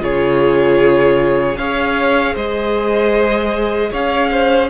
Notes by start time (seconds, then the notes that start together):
0.00 C#3 F4 G#4 C#5
1.57 C#4 G#4 C#5 F5
2.34 G#3 C5 D#5
3.91 C#4 C#5 F5
4.31 C5